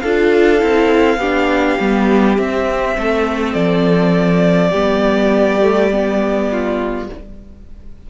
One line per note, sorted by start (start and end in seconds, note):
0.00 0.62 D4
0.00 0.59 F4
0.00 1.20 A4
0.00 2.35 F5
0.59 1.17 C4
0.59 1.18 E4
1.17 1.76 B3
1.17 1.80 D4
1.17 2.96 G4
1.80 2.38 G3
1.80 2.38 B3
2.38 4.73 C4
2.38 2.97 C4
2.38 3.54 E5
2.98 3.55 A3
2.98 4.70 A4
3.54 4.73 F3
3.54 7.07 D5
4.70 7.09 G3
4.70 5.62 B3
4.70 6.47 G4
5.62 5.91 A3
5.92 7.10 B3
6.52 7.11 F4